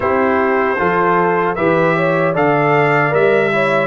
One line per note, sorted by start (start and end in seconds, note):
0.00 0.77 C4
0.00 0.76 E4
0.00 0.78 G4
0.00 1.55 C5
0.78 1.57 F3
0.78 1.56 F4
0.78 1.56 A4
1.55 2.34 E3
1.55 2.34 G4
1.55 1.94 B4
1.55 2.33 E5
1.96 2.33 C#5
2.33 3.12 D3
2.33 3.11 A4
2.33 3.50 D5
2.33 3.14 F5
3.11 3.87 G3
3.11 3.50 A#4
3.11 3.87 E5
3.52 3.87 E4
3.52 3.87 C#5